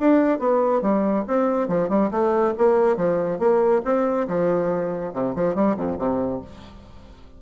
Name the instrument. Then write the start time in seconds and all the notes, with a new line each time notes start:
bassoon
0.00 D4
0.39 B3
0.82 G3
1.27 C4
1.68 F3
1.89 G3
2.11 A3
2.58 A#3
2.97 F3
3.39 A#3
3.85 C4
4.28 F3
5.13 C3
5.35 F3
5.55 G3
5.77 F2
5.99 C3